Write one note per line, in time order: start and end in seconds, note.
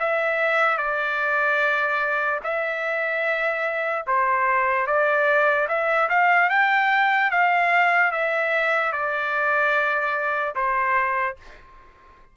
0.00 0.78 E5
0.78 2.40 D5
2.44 4.06 E5
4.07 4.87 C5
4.87 5.68 D5
5.68 6.09 E5
6.09 6.50 F5
6.50 7.31 G5
7.31 8.12 F5
8.12 8.93 E5
8.93 10.55 D5
10.56 11.37 C5